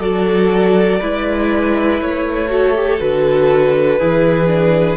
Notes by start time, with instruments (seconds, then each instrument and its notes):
0.00 cello F#3, viola F#4, violin A4 D5
0.99 cello G#3, viola E4, violin B4
2.00 cello A3, violin C#5
2.49 viola F#4, violin A4
2.75 viola G4
2.99 cello D3, viola F#4, violin B4
4.00 cello E3, viola E4, violin G#4
4.47 viola D4